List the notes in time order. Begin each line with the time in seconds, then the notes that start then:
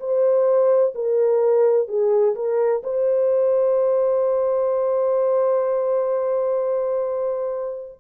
0.00 C5
0.95 A#4
1.88 G#4
2.35 A#4
2.83 C5